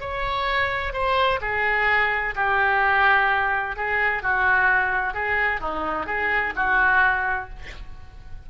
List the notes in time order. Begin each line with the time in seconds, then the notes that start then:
0.00 C#5
0.93 C5
1.41 G#4
2.35 G4
3.76 G#4
4.23 F#4
5.14 G#4
5.61 D#4
6.06 G#4
6.56 F#4